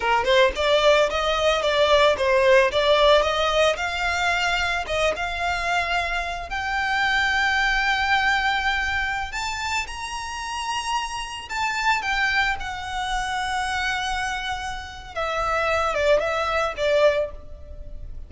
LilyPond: \new Staff \with { instrumentName = "violin" } { \time 4/4 \tempo 4 = 111 ais'8 c''8 d''4 dis''4 d''4 | c''4 d''4 dis''4 f''4~ | f''4 dis''8 f''2~ f''8 | g''1~ |
g''4~ g''16 a''4 ais''4.~ ais''16~ | ais''4~ ais''16 a''4 g''4 fis''8.~ | fis''1 | e''4. d''8 e''4 d''4 | }